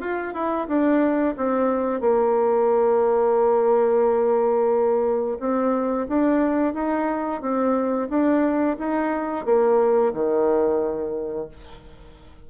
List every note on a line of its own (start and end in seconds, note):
0.00 0.33 F4
0.33 0.67 E4
0.67 1.35 D4
1.37 2.00 C4
2.00 5.37 A#3
5.40 6.07 C4
6.08 6.74 D4
6.74 7.41 D#4
7.41 8.08 C4
8.09 8.77 D4
8.78 9.45 D#4
9.45 10.12 A#3
10.13 11.48 D#3